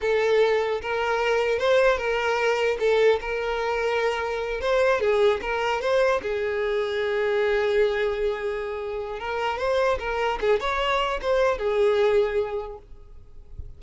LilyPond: \new Staff \with { instrumentName = "violin" } { \time 4/4 \tempo 4 = 150 a'2 ais'2 | c''4 ais'2 a'4 | ais'2.~ ais'8 c''8~ | c''8 gis'4 ais'4 c''4 gis'8~ |
gis'1~ | gis'2. ais'4 | c''4 ais'4 gis'8 cis''4. | c''4 gis'2. | }